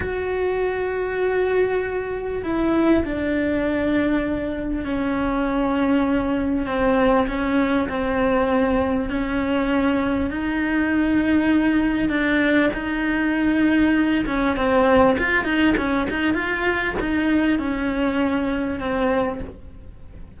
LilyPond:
\new Staff \with { instrumentName = "cello" } { \time 4/4 \tempo 4 = 99 fis'1 | e'4 d'2. | cis'2. c'4 | cis'4 c'2 cis'4~ |
cis'4 dis'2. | d'4 dis'2~ dis'8 cis'8 | c'4 f'8 dis'8 cis'8 dis'8 f'4 | dis'4 cis'2 c'4 | }